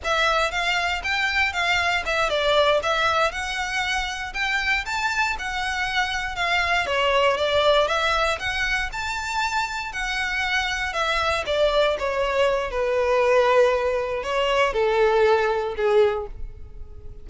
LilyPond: \new Staff \with { instrumentName = "violin" } { \time 4/4 \tempo 4 = 118 e''4 f''4 g''4 f''4 | e''8 d''4 e''4 fis''4.~ | fis''8 g''4 a''4 fis''4.~ | fis''8 f''4 cis''4 d''4 e''8~ |
e''8 fis''4 a''2 fis''8~ | fis''4. e''4 d''4 cis''8~ | cis''4 b'2. | cis''4 a'2 gis'4 | }